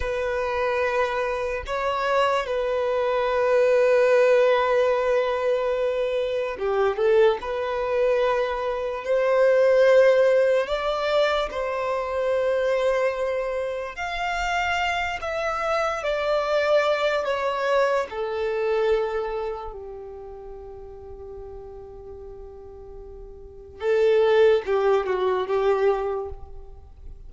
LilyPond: \new Staff \with { instrumentName = "violin" } { \time 4/4 \tempo 4 = 73 b'2 cis''4 b'4~ | b'1 | g'8 a'8 b'2 c''4~ | c''4 d''4 c''2~ |
c''4 f''4. e''4 d''8~ | d''4 cis''4 a'2 | g'1~ | g'4 a'4 g'8 fis'8 g'4 | }